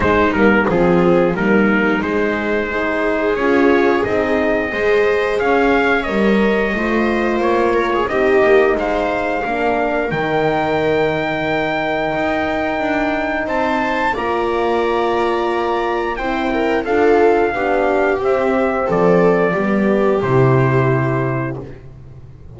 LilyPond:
<<
  \new Staff \with { instrumentName = "trumpet" } { \time 4/4 \tempo 4 = 89 c''8 ais'8 gis'4 ais'4 c''4~ | c''4 cis''4 dis''2 | f''4 dis''2 cis''4 | dis''4 f''2 g''4~ |
g''1 | a''4 ais''2. | g''4 f''2 e''4 | d''2 c''2 | }
  \new Staff \with { instrumentName = "viola" } { \time 4/4 dis'4 f'4 dis'2 | gis'2. c''4 | cis''2 c''4. ais'16 gis'16 | g'4 c''4 ais'2~ |
ais'1 | c''4 d''2. | c''8 ais'8 a'4 g'2 | a'4 g'2. | }
  \new Staff \with { instrumentName = "horn" } { \time 4/4 gis8 ais8 c'4 ais4 gis4 | dis'4 f'4 dis'4 gis'4~ | gis'4 ais'4 f'2 | dis'2 d'4 dis'4~ |
dis'1~ | dis'4 f'2. | e'4 f'4 d'4 c'4~ | c'4 b4 e'2 | }
  \new Staff \with { instrumentName = "double bass" } { \time 4/4 gis8 g8 f4 g4 gis4~ | gis4 cis'4 c'4 gis4 | cis'4 g4 a4 ais4 | c'8 ais8 gis4 ais4 dis4~ |
dis2 dis'4 d'4 | c'4 ais2. | c'4 d'4 b4 c'4 | f4 g4 c2 | }
>>